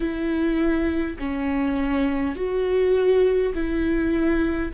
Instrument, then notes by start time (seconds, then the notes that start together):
viola
0.00 E4
1.18 C#4
2.35 F#4
3.54 E4